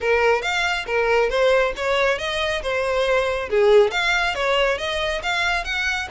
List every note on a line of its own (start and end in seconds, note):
0.00 0.42 A#4
0.42 0.85 F5
0.86 1.29 A#4
1.29 1.73 C5
1.76 2.18 C#5
2.18 2.62 D#5
2.62 3.49 C5
3.49 3.91 G#4
3.91 4.34 F5
4.35 4.78 C#5
4.78 5.21 D#5
5.22 5.64 F5
5.64 6.08 F#5